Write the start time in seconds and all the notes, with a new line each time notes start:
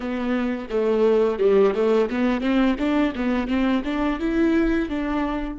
0.00 B3
0.70 A3
1.39 G3
1.74 A3
2.09 B3
2.40 C4
2.78 D4
3.15 B3
3.47 C4
3.84 D4
4.19 E4
4.89 D4